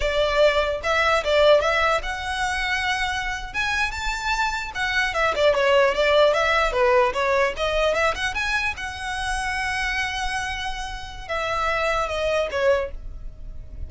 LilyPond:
\new Staff \with { instrumentName = "violin" } { \time 4/4 \tempo 4 = 149 d''2 e''4 d''4 | e''4 fis''2.~ | fis''8. gis''4 a''2 fis''16~ | fis''8. e''8 d''8 cis''4 d''4 e''16~ |
e''8. b'4 cis''4 dis''4 e''16~ | e''16 fis''8 gis''4 fis''2~ fis''16~ | fis''1 | e''2 dis''4 cis''4 | }